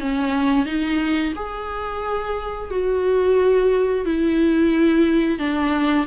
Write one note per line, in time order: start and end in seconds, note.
0.00 0.66 C#4
0.66 1.33 D#4
1.35 2.70 G#4
2.71 4.05 F#4
4.05 5.39 E4
5.39 6.06 D4